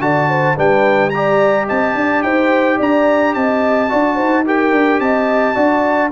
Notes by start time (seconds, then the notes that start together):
0.00 D3 F#4 D5 A5
0.29 C5
0.56 G3 D4 B4 G5
1.09 G4 D5 A#5
1.67 C4 D#5 A5
1.94 D4 D5
2.22 D#4 C5 G5
2.77 D4 D5 A#5
3.33 C4 D#5 A5
3.89 D4 F#4 D5
4.15 D#4 C5
4.45 G4 A#4 G5
4.72 D4
4.99 C4 D#5 A5
5.55 D4 F#4 D5